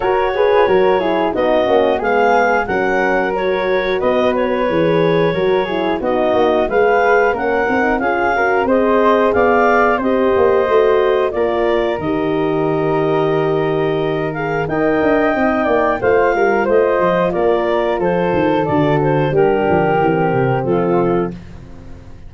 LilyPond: <<
  \new Staff \with { instrumentName = "clarinet" } { \time 4/4 \tempo 4 = 90 cis''2 dis''4 f''4 | fis''4 cis''4 dis''8 cis''4.~ | cis''4 dis''4 f''4 fis''4 | f''4 dis''4 f''4 dis''4~ |
dis''4 d''4 dis''2~ | dis''4. f''8 g''2 | f''4 dis''4 d''4 c''4 | d''8 c''8 ais'2 a'4 | }
  \new Staff \with { instrumentName = "flute" } { \time 4/4 ais'8 b'8 ais'8 gis'8 fis'4 gis'4 | ais'2 b'2 | ais'8 gis'8 fis'4 b'4 ais'4 | gis'8 ais'8 c''4 d''4 c''4~ |
c''4 ais'2.~ | ais'2 dis''4. d''8 | c''8 ais'8 c''4 ais'4 a'4~ | a'4 g'2 f'4 | }
  \new Staff \with { instrumentName = "horn" } { \time 4/4 fis'8 gis'8 fis'8 e'8 dis'8 cis'8 b4 | cis'4 fis'2 gis'4 | fis'8 e'8 dis'4 gis'4 cis'8 dis'8 | f'8 fis'8 gis'2 g'4 |
fis'4 f'4 g'2~ | g'4. gis'8 ais'4 dis'4 | f'1 | fis'4 d'4 c'2 | }
  \new Staff \with { instrumentName = "tuba" } { \time 4/4 fis'4 fis4 b8 ais8 gis4 | fis2 b4 e4 | fis4 b8 ais8 gis4 ais8 c'8 | cis'4 c'4 b4 c'8 ais8 |
a4 ais4 dis2~ | dis2 dis'8 d'8 c'8 ais8 | a8 g8 a8 f8 ais4 f8 dis8 | d4 g8 f8 e8 c8 f4 | }
>>